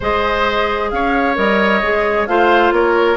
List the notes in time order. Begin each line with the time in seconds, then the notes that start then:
0.00 G#3 G#4 C5 D#5
0.90 C#4 C#5 F5
1.35 G3 A#4 D#5
1.82 G#3 G#4
2.27 A3 F4 C5 F5
2.71 A#3 A#4 C#5